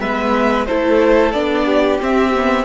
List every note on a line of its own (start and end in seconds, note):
0.00 0.68 G#3
0.00 0.67 B3
0.00 0.67 B4
0.00 0.66 E5
0.66 1.34 A3
0.66 1.34 E4
0.66 1.65 A4
0.66 1.32 C5
1.32 2.00 B3
1.32 2.00 D4
1.32 1.99 D5
1.65 2.65 G4
2.00 2.33 C4
2.00 2.65 C4
2.00 2.65 E5
2.34 2.65 B3